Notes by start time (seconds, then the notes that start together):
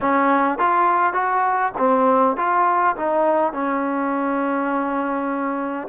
0.01 C#4
0.58 F4
1.13 F#4
1.78 C4
2.36 F4
2.96 D#4
3.52 C#4